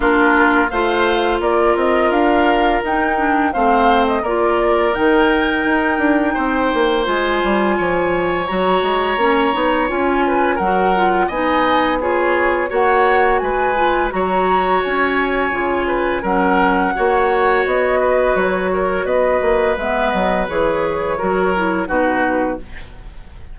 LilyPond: <<
  \new Staff \with { instrumentName = "flute" } { \time 4/4 \tempo 4 = 85 ais'4 f''4 d''8 dis''8 f''4 | g''4 f''8. dis''16 d''4 g''4~ | g''2 gis''2 | ais''2 gis''4 fis''4 |
gis''4 cis''4 fis''4 gis''4 | ais''4 gis''2 fis''4~ | fis''4 dis''4 cis''4 dis''4 | e''8 dis''8 cis''2 b'4 | }
  \new Staff \with { instrumentName = "oboe" } { \time 4/4 f'4 c''4 ais'2~ | ais'4 c''4 ais'2~ | ais'4 c''2 cis''4~ | cis''2~ cis''8 b'8 ais'4 |
dis''4 gis'4 cis''4 b'4 | cis''2~ cis''8 b'8 ais'4 | cis''4. b'4 ais'8 b'4~ | b'2 ais'4 fis'4 | }
  \new Staff \with { instrumentName = "clarinet" } { \time 4/4 d'4 f'2. | dis'8 d'8 c'4 f'4 dis'4~ | dis'2 f'2 | fis'4 cis'8 dis'8 f'4 fis'8 f'8 |
dis'4 f'4 fis'4. f'8 | fis'2 f'4 cis'4 | fis'1 | b4 gis'4 fis'8 e'8 dis'4 | }
  \new Staff \with { instrumentName = "bassoon" } { \time 4/4 ais4 a4 ais8 c'8 d'4 | dis'4 a4 ais4 dis4 | dis'8 d'8 c'8 ais8 gis8 g8 f4 | fis8 gis8 ais8 b8 cis'4 fis4 |
b2 ais4 gis4 | fis4 cis'4 cis4 fis4 | ais4 b4 fis4 b8 ais8 | gis8 fis8 e4 fis4 b,4 | }
>>